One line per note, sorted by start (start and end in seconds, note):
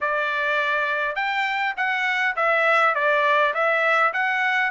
0.01 1.15 D5
1.15 1.74 G5
1.76 2.35 F#5
2.36 2.94 E5
2.94 3.53 D5
3.53 4.12 E5
4.13 4.71 F#5